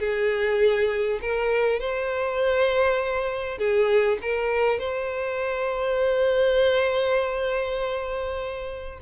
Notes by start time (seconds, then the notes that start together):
0.00 G#4
1.22 A#4
1.80 C5
3.58 G#4
4.22 A#4
4.79 C5